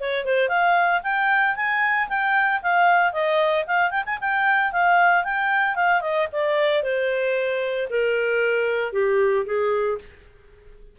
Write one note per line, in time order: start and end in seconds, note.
0.00 0.25 C#5
0.25 0.49 C5
0.49 1.01 F5
1.03 1.56 G5
1.56 2.08 G#5
2.09 2.61 G5
2.62 3.12 F5
3.12 3.65 D#5
3.67 3.90 F5
3.90 4.04 G5
4.06 4.19 G#5
4.21 4.72 G5
4.72 5.24 F5
5.24 5.75 G5
5.75 6.01 F5
6.01 6.27 D#5
6.32 6.83 D5
6.83 7.88 C5
7.90 8.93 A#4
8.93 9.45 G4
9.46 9.98 G#4